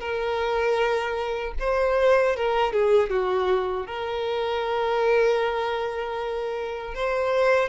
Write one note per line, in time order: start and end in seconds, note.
0.00 1.53 A#4
1.59 2.36 C5
2.36 2.73 A#4
2.73 3.10 G#4
3.10 3.87 F#4
3.87 6.94 A#4
6.94 7.69 C5